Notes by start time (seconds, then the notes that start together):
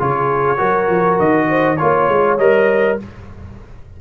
0.00 C#3 F4 G#4 C#5
0.58 F#3 F#4 A#4
0.89 F3
1.20 D#3 D#5
1.50 C5
1.77 A#3 F4 C#5
2.09 G#3
2.39 G3 A#4 D#5